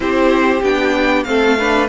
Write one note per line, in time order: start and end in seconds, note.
0.00 0.61 C4
0.00 0.62 E4
0.00 1.27 G4
0.00 0.63 C5
0.62 1.25 B3
0.62 1.25 D4
0.62 1.23 G5
1.23 1.88 A3
1.23 1.57 C4
1.23 1.58 A4
1.23 1.86 F5
1.58 1.88 D4
1.58 1.88 B4